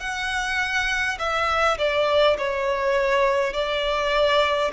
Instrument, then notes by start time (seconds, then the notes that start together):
violin
0.00 F#5
1.19 E5
1.78 D5
2.38 C#5
3.53 D5